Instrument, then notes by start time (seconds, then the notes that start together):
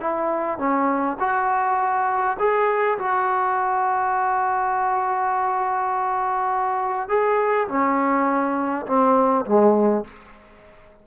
trombone
0.00 E4
0.58 C#4
1.19 F#4
2.39 G#4
2.98 F#4
7.08 G#4
7.68 C#4
8.86 C4
9.45 G#3